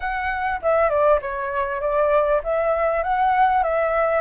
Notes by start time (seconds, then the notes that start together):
0.00 F#5
0.62 E5
0.89 D5
1.21 C#5
1.80 D5
2.43 E5
3.03 F#5
3.63 E5